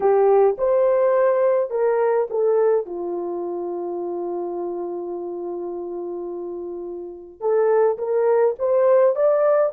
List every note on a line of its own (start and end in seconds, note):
0.00 0.56 G4
0.57 1.70 C5
1.70 2.27 A#4
2.30 2.86 A4
2.86 7.40 F4
7.40 7.97 A4
7.98 8.55 A#4
8.58 9.15 C5
9.15 9.72 D5